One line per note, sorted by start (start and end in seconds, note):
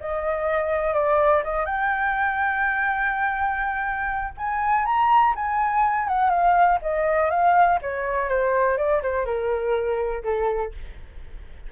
0.00 0.94 D#5
0.94 1.42 D5
1.44 1.65 D#5
1.65 4.34 G5
4.37 4.85 G#5
4.85 5.34 A#5
5.35 6.08 G#5
6.08 6.30 F#5
6.30 6.79 F5
6.82 7.30 D#5
7.30 7.79 F5
7.82 8.29 C#5
8.29 8.77 C5
8.77 9.02 D5
9.03 9.25 C5
9.25 10.23 A#4
10.23 10.72 A4